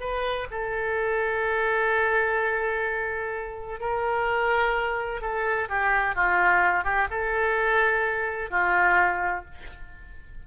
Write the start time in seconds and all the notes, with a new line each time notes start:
0.00 B4
0.51 A4
3.80 A#4
5.21 A4
5.69 G4
6.15 F4
6.84 G4
7.11 A4
8.51 F4